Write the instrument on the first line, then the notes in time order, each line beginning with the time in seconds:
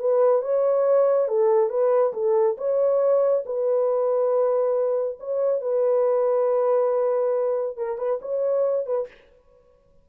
horn
0.00 B4
0.42 C#5
1.28 A4
1.70 B4
2.13 A4
2.58 C#5
3.46 B4
5.20 C#5
5.62 B4
7.77 A#4
7.98 B4
8.22 C#5
8.86 B4